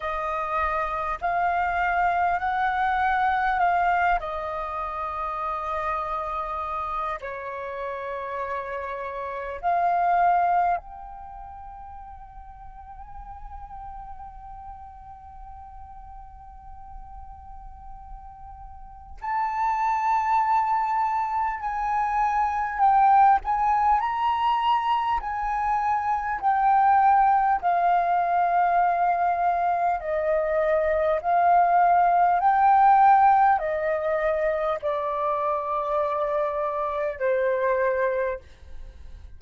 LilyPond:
\new Staff \with { instrumentName = "flute" } { \time 4/4 \tempo 4 = 50 dis''4 f''4 fis''4 f''8 dis''8~ | dis''2 cis''2 | f''4 g''2.~ | g''1 |
a''2 gis''4 g''8 gis''8 | ais''4 gis''4 g''4 f''4~ | f''4 dis''4 f''4 g''4 | dis''4 d''2 c''4 | }